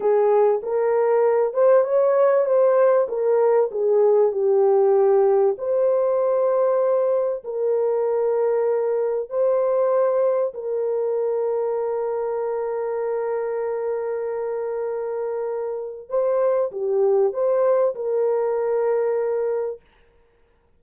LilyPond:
\new Staff \with { instrumentName = "horn" } { \time 4/4 \tempo 4 = 97 gis'4 ais'4. c''8 cis''4 | c''4 ais'4 gis'4 g'4~ | g'4 c''2. | ais'2. c''4~ |
c''4 ais'2.~ | ais'1~ | ais'2 c''4 g'4 | c''4 ais'2. | }